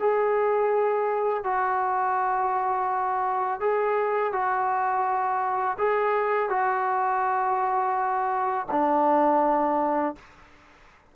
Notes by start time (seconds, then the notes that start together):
0.00 G#4
1.44 F#4
3.60 G#4
4.33 F#4
5.79 G#4
6.50 F#4
8.71 D4